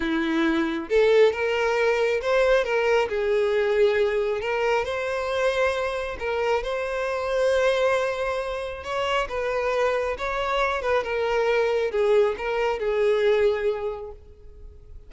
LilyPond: \new Staff \with { instrumentName = "violin" } { \time 4/4 \tempo 4 = 136 e'2 a'4 ais'4~ | ais'4 c''4 ais'4 gis'4~ | gis'2 ais'4 c''4~ | c''2 ais'4 c''4~ |
c''1 | cis''4 b'2 cis''4~ | cis''8 b'8 ais'2 gis'4 | ais'4 gis'2. | }